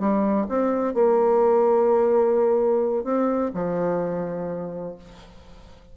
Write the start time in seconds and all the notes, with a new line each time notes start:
0.00 G3
0.49 C4
0.94 A#3
3.04 C4
3.54 F3